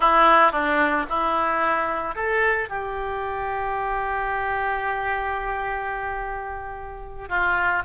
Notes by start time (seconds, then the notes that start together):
0.00 E4
0.52 D4
1.09 E4
2.15 A4
2.69 G4
7.29 F4